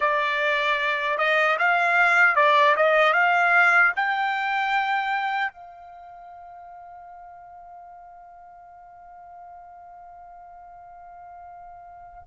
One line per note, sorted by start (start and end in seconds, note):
0.00 1.17 D5
1.17 1.57 D#5
1.58 2.35 F5
2.35 2.75 D5
2.76 3.13 D#5
3.13 3.92 F5
3.96 5.52 G5
5.52 12.23 F5